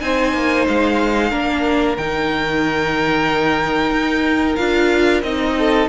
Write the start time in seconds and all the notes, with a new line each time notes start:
0.00 C4 D#4 C5 G#5
0.33 A#3
0.68 G#3 F5
1.30 A#3 D4 A#4
1.97 D#3 D#4 G5
3.90 D#4
4.55 D4 F4 F5
5.22 C4 D#4 D#5
5.58 A4